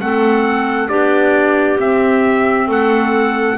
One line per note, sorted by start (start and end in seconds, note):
0.00 0.90 A3
0.00 0.89 C4
0.00 0.90 A4
0.00 0.89 F#5
0.89 1.79 B3
0.89 1.79 D4
0.89 2.67 G4
0.89 1.78 D5
1.79 3.58 C4
1.79 2.69 C4
1.79 2.70 E5
2.67 3.58 A3
2.67 3.57 A4
2.67 3.58 F#5